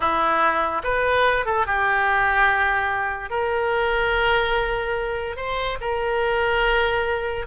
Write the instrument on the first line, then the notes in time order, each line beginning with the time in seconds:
oboe
0.00 E4
0.83 B4
1.45 A4
1.66 G4
3.30 A#4
5.36 C5
5.80 A#4